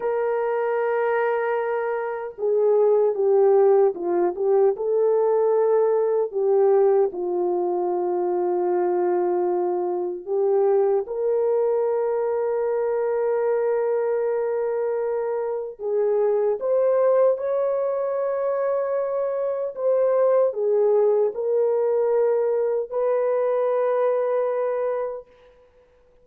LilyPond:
\new Staff \with { instrumentName = "horn" } { \time 4/4 \tempo 4 = 76 ais'2. gis'4 | g'4 f'8 g'8 a'2 | g'4 f'2.~ | f'4 g'4 ais'2~ |
ais'1 | gis'4 c''4 cis''2~ | cis''4 c''4 gis'4 ais'4~ | ais'4 b'2. | }